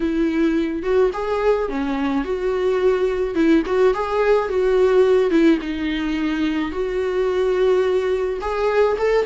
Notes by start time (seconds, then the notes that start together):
0.00 E4
0.82 F#4
1.13 G#4
1.68 C#4
2.24 F#4
3.34 E4
3.66 F#4
3.94 G#4
4.48 F#4
5.30 E4
5.61 D#4
6.71 F#4
8.41 G#4
8.98 A4